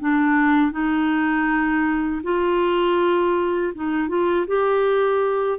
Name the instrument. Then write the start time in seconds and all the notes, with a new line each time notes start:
clarinet
0.00 D4
0.72 D#4
2.23 F4
3.75 D#4
4.08 F4
4.47 G4